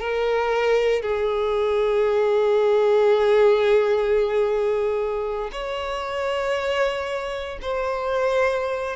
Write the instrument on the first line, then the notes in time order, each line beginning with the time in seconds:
violin
0.00 A#4
1.02 G#4
5.52 C#5
7.62 C5